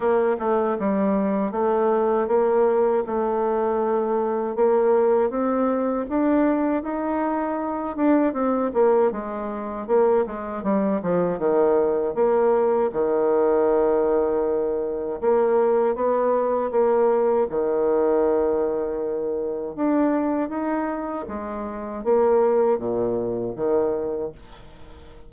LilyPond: \new Staff \with { instrumentName = "bassoon" } { \time 4/4 \tempo 4 = 79 ais8 a8 g4 a4 ais4 | a2 ais4 c'4 | d'4 dis'4. d'8 c'8 ais8 | gis4 ais8 gis8 g8 f8 dis4 |
ais4 dis2. | ais4 b4 ais4 dis4~ | dis2 d'4 dis'4 | gis4 ais4 ais,4 dis4 | }